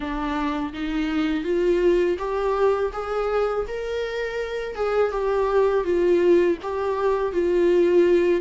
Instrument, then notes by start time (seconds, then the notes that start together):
viola
0.00 D4
0.73 D#4
1.43 F4
2.18 G4
2.92 G#4
3.67 A#4
4.75 G#4
5.11 G4
5.84 F4
6.62 G4
7.32 F4